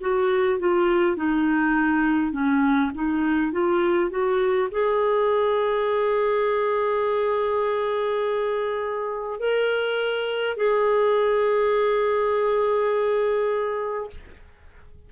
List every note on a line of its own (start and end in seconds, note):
0.00 0.59 F#4
0.59 1.16 F4
1.16 2.32 D#4
2.32 2.90 C#4
2.94 3.52 D#4
3.52 4.10 F4
4.10 4.68 F#4
4.71 9.39 G#4
9.39 10.57 A#4
10.57 14.10 G#4